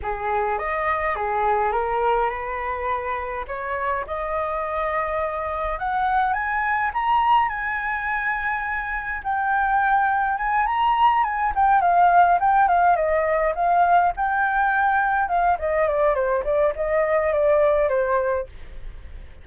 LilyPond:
\new Staff \with { instrumentName = "flute" } { \time 4/4 \tempo 4 = 104 gis'4 dis''4 gis'4 ais'4 | b'2 cis''4 dis''4~ | dis''2 fis''4 gis''4 | ais''4 gis''2. |
g''2 gis''8 ais''4 gis''8 | g''8 f''4 g''8 f''8 dis''4 f''8~ | f''8 g''2 f''8 dis''8 d''8 | c''8 d''8 dis''4 d''4 c''4 | }